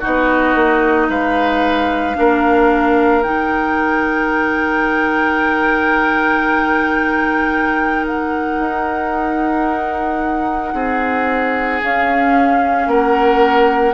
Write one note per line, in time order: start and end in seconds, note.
0.00 0.55 B3
0.00 2.15 D#4
0.00 1.07 F#4
0.00 1.10 D#5
0.55 1.08 A#3
1.08 2.16 G#3
1.08 2.17 B4
1.08 3.23 F5
2.15 3.25 A#3
2.15 3.22 D4
2.15 10.74 A#4
3.23 8.60 D#3
3.23 11.80 D#4
3.23 8.05 G5
8.07 11.82 F#5
8.60 10.73 D#4
10.73 11.81 C4
10.73 12.88 G#4
11.83 13.94 C#4
11.83 12.87 C#4
11.83 12.89 F5
12.87 13.94 A#3
12.87 13.94 A#4
12.87 13.94 F#5